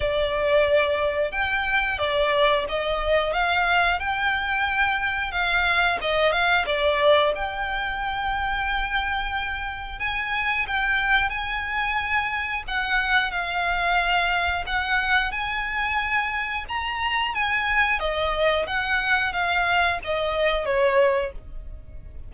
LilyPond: \new Staff \with { instrumentName = "violin" } { \time 4/4 \tempo 4 = 90 d''2 g''4 d''4 | dis''4 f''4 g''2 | f''4 dis''8 f''8 d''4 g''4~ | g''2. gis''4 |
g''4 gis''2 fis''4 | f''2 fis''4 gis''4~ | gis''4 ais''4 gis''4 dis''4 | fis''4 f''4 dis''4 cis''4 | }